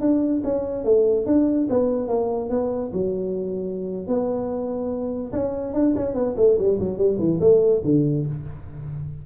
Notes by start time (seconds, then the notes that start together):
0.00 D4
0.43 C#4
0.84 A3
1.26 D4
1.69 B3
2.08 A#3
2.49 B3
2.92 F#3
4.07 B3
5.32 C#4
5.73 D4
5.96 C#4
6.14 B3
6.36 A3
6.58 G3
6.79 F#3
6.97 G3
7.19 E3
7.40 A3
7.84 D3